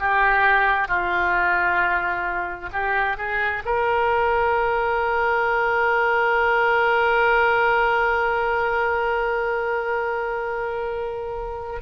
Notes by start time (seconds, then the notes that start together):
0.00 G4
0.88 F4
2.73 G4
3.18 G#4
3.65 A#4